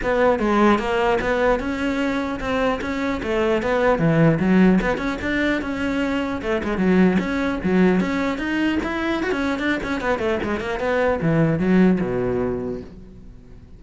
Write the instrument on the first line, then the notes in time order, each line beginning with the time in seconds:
cello
0.03 B3
0.39 G#3
0.79 A#3
1.20 B3
1.59 C#4
2.39 C4
2.81 C#4
3.22 A3
3.62 B3
3.98 E3
4.39 F#3
4.81 B3
4.97 C#4
5.21 D4
5.61 C#4
6.42 A3
6.63 G#3
6.77 F#3
7.19 C#4
7.63 F#3
8.00 C#4
8.38 D#4
8.83 E4
9.22 F#4
9.31 C#4
9.59 D4
9.83 C#4
10.00 B3
10.18 A3
10.43 G#3
10.59 A#3
10.79 B3
11.21 E3
11.59 F#3
12.00 B2